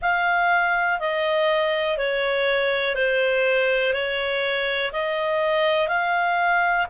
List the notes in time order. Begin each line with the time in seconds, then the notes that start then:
0.01 F5
0.99 D#5
1.97 C#5
2.95 C5
3.93 C#5
4.92 D#5
5.87 F5